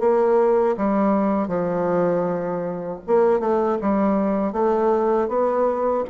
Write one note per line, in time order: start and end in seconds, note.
0.00 0.76 A#3
0.77 1.48 G3
1.48 3.00 F3
3.07 3.40 A#3
3.40 3.78 A3
3.81 4.53 G3
4.53 5.29 A3
5.29 6.04 B3